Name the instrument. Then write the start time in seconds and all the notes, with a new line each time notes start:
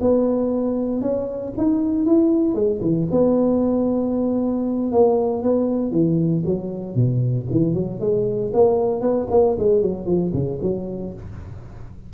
tuba
0.00 B3
1.01 C#4
1.57 D#4
2.05 E4
2.54 G#3
2.81 E3
3.11 B3
4.91 A#3
5.42 B3
5.91 E3
6.45 F#3
6.95 B2
7.50 E3
7.74 F#3
8.00 G#3
8.53 A#3
9.01 B3
9.30 A#3
9.58 G#3
9.82 F#3
10.05 F3
10.33 C#3
10.61 F#3